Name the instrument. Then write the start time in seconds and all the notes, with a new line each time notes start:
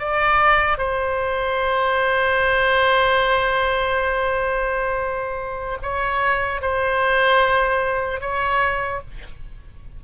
oboe
0.00 D5
0.78 C5
5.83 C#5
6.62 C5
8.21 C#5